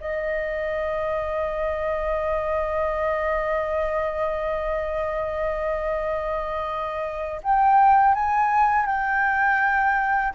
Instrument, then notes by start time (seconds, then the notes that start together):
flute
0.00 D#5
7.43 G5
8.14 G#5
8.86 G5